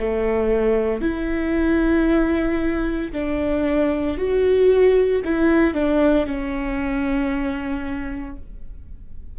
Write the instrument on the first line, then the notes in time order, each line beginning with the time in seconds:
viola
0.00 A3
1.02 E4
3.13 D4
4.18 F#4
5.25 E4
5.74 D4
6.26 C#4